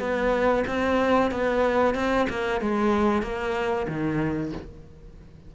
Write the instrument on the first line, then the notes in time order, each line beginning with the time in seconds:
cello
0.00 B3
0.67 C4
1.32 B3
1.95 C4
2.30 A#3
2.61 G#3
3.23 A#3
3.88 D#3